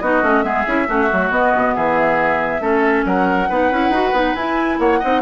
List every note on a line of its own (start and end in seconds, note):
0.00 0.23 B3
0.00 0.23 D#4
0.00 0.45 F#4
0.00 0.43 D#5
0.23 0.44 A3
0.23 0.44 C#4
0.43 0.66 G#3
0.43 0.66 B3
0.43 0.88 G#4
0.43 1.30 E5
0.67 0.89 C#4
0.67 0.87 E4
0.87 1.11 A3
0.87 1.08 C#4
0.87 1.75 F#4
1.12 1.31 F#3
1.12 1.31 A3
1.31 1.53 B3
1.31 2.61 B3
1.31 1.76 D#5
1.56 1.77 B2
1.75 2.61 E3
1.75 2.62 G#4
1.75 3.06 E5
2.61 3.04 A3
2.61 3.48 C#4
2.61 3.06 A4
3.06 3.49 F#3
3.06 3.49 A#4
3.06 4.35 F#5
3.49 3.71 B3
3.49 3.73 D#4
3.49 4.80 B4
3.71 3.90 C#4
3.71 3.94 E4
3.90 4.11 D#4
3.90 4.15 F#4
4.13 4.35 B3
4.13 4.37 D#4
4.35 4.79 E4
4.35 5.04 E4
4.35 4.79 G#5
4.80 5.02 A#3
4.80 5.00 C#5
4.80 5.22 F#5
5.00 5.22 C4
5.00 5.22 D#4
5.00 5.22 D#5